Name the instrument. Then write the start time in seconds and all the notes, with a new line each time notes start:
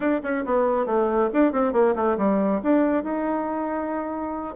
bassoon
0.00 D4
0.23 C#4
0.45 B3
0.86 A3
1.33 D4
1.52 C4
1.73 A#3
1.95 A3
2.17 G3
2.63 D4
3.03 D#4